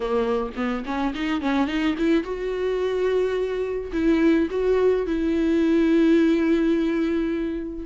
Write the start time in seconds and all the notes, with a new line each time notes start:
0.00 A#3
0.56 B3
0.85 C#4
1.14 D#4
1.41 C#4
1.67 D#4
1.98 E4
2.23 F#4
3.92 E4
4.50 F#4
5.06 E4